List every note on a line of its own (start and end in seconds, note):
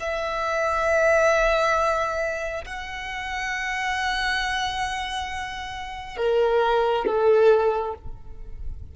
0.00 2.65 E5
2.65 6.17 F#5
6.17 7.05 A#4
7.06 7.94 A4